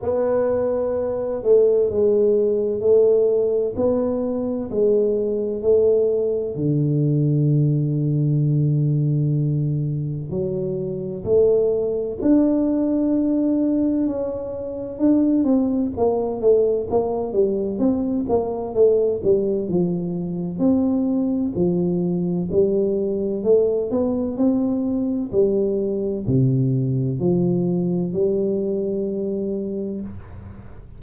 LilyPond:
\new Staff \with { instrumentName = "tuba" } { \time 4/4 \tempo 4 = 64 b4. a8 gis4 a4 | b4 gis4 a4 d4~ | d2. fis4 | a4 d'2 cis'4 |
d'8 c'8 ais8 a8 ais8 g8 c'8 ais8 | a8 g8 f4 c'4 f4 | g4 a8 b8 c'4 g4 | c4 f4 g2 | }